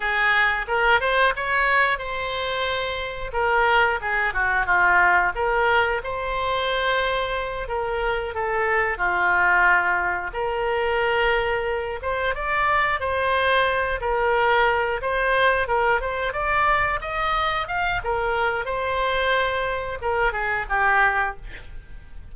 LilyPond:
\new Staff \with { instrumentName = "oboe" } { \time 4/4 \tempo 4 = 90 gis'4 ais'8 c''8 cis''4 c''4~ | c''4 ais'4 gis'8 fis'8 f'4 | ais'4 c''2~ c''8 ais'8~ | ais'8 a'4 f'2 ais'8~ |
ais'2 c''8 d''4 c''8~ | c''4 ais'4. c''4 ais'8 | c''8 d''4 dis''4 f''8 ais'4 | c''2 ais'8 gis'8 g'4 | }